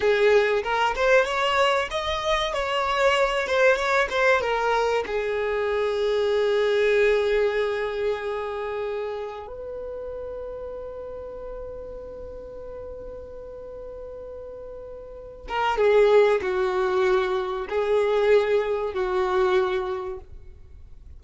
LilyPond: \new Staff \with { instrumentName = "violin" } { \time 4/4 \tempo 4 = 95 gis'4 ais'8 c''8 cis''4 dis''4 | cis''4. c''8 cis''8 c''8 ais'4 | gis'1~ | gis'2. b'4~ |
b'1~ | b'1~ | b'8 ais'8 gis'4 fis'2 | gis'2 fis'2 | }